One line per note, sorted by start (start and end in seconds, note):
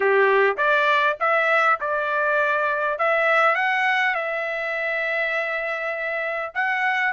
0.00 0.56 G4
0.57 1.16 D5
1.19 1.79 E5
1.80 2.98 D5
2.98 3.55 E5
3.55 4.14 F#5
4.14 6.52 E5
6.54 7.13 F#5